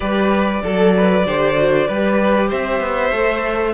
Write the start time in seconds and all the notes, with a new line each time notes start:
0.00 G3 G4 B4 D5
0.63 F#3 A4
0.96 B4
1.26 D3 G4 C5
1.55 F#4
1.87 G3 G4 B4
2.48 C4 C5 E5
2.79 B3
3.11 A3 A4